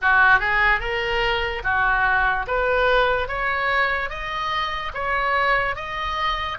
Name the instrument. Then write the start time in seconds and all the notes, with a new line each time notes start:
oboe
0.01 F#4
0.39 G#4
0.80 A#4
1.63 F#4
2.47 B4
3.28 C#5
4.09 D#5
4.94 C#5
5.75 D#5